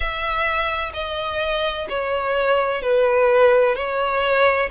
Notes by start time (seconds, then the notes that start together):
0.00 E5
0.93 D#5
1.89 C#5
2.81 B4
3.75 C#5